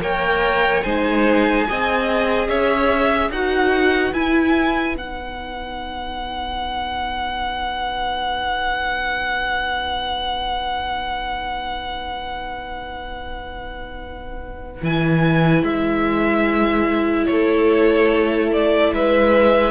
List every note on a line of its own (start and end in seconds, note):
0.00 0.82 A#3
0.00 0.83 A#4
0.00 0.84 C#5
0.00 0.83 G5
0.83 1.67 G#3
0.83 1.67 D#4
0.83 1.66 C5
0.83 2.47 G#5
1.68 2.48 C4
1.68 3.32 G#4
1.68 2.49 D#5
2.48 3.30 C#4
2.48 3.29 C#5
2.48 3.31 E5
3.29 4.12 D#4
3.29 4.14 F#4
3.29 17.27 B4
3.29 4.13 F#5
4.12 4.95 E4
4.12 4.96 E4
4.12 4.95 G#5
4.95 14.81 B3
4.95 14.82 D#4
4.95 14.83 F#5
14.82 15.62 E3
14.82 19.71 E4
14.82 15.64 G#5
15.62 17.27 G#3
15.62 17.26 E5
17.26 18.91 A3
17.26 18.93 A4
17.26 18.49 C#5
18.52 18.93 D5
18.91 19.71 G#3
18.91 19.71 B4
18.91 19.71 E5